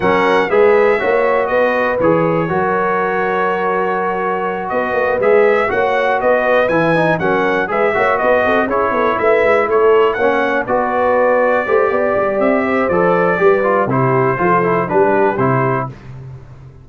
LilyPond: <<
  \new Staff \with { instrumentName = "trumpet" } { \time 4/4 \tempo 4 = 121 fis''4 e''2 dis''4 | cis''1~ | cis''4. dis''4 e''4 fis''8~ | fis''8 dis''4 gis''4 fis''4 e''8~ |
e''8 dis''4 cis''4 e''4 cis''8~ | cis''8 fis''4 d''2~ d''8~ | d''4 e''4 d''2 | c''2 b'4 c''4 | }
  \new Staff \with { instrumentName = "horn" } { \time 4/4 ais'4 b'4 cis''4 b'4~ | b'4 ais'2.~ | ais'4. b'2 cis''8~ | cis''8 b'2 ais'4 b'8 |
cis''8 b'8 a'8 gis'8 a'8 b'4 a'8~ | a'8 cis''4 b'2 c''8 | d''4. c''4. b'4 | g'4 a'4 g'2 | }
  \new Staff \with { instrumentName = "trombone" } { \time 4/4 cis'4 gis'4 fis'2 | gis'4 fis'2.~ | fis'2~ fis'8 gis'4 fis'8~ | fis'4. e'8 dis'8 cis'4 gis'8 |
fis'4. e'2~ e'8~ | e'8 cis'4 fis'2 g'8~ | g'2 a'4 g'8 f'8 | e'4 f'8 e'8 d'4 e'4 | }
  \new Staff \with { instrumentName = "tuba" } { \time 4/4 fis4 gis4 ais4 b4 | e4 fis2.~ | fis4. b8 ais8 gis4 ais8~ | ais8 b4 e4 fis4 gis8 |
ais8 b8 c'8 cis'8 b8 a8 gis8 a8~ | a8 ais4 b2 a8 | b8 g8 c'4 f4 g4 | c4 f4 g4 c4 | }
>>